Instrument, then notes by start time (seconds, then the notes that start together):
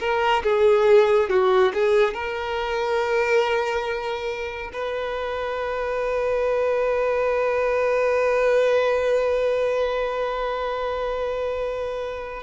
violin
0.00 A#4
0.44 G#4
1.29 F#4
1.74 G#4
2.14 A#4
4.73 B4